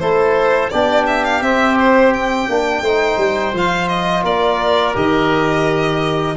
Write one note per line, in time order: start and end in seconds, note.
0.00 0.72 A3
0.00 0.71 E4
0.00 0.72 A4
0.00 0.70 C5
0.70 1.42 B3
0.70 1.43 D4
0.70 2.84 G4
0.70 1.05 D5
1.07 1.25 E5
1.25 1.42 F5
1.42 2.48 C4
1.42 2.49 C4
1.42 1.78 E5
1.79 2.14 C5
2.14 3.55 G5
2.49 2.82 A#3
2.49 2.84 D4
2.82 3.17 A3
2.82 3.55 D#4
2.82 4.24 C5
3.18 3.53 G3
3.53 4.24 F3
3.53 4.95 F4
3.53 3.89 F5
3.89 4.24 D#5
4.24 4.94 A#3
4.24 6.36 A#4
4.24 4.96 D5
4.95 6.37 D#3
4.95 6.36 G4
4.95 6.37 D#5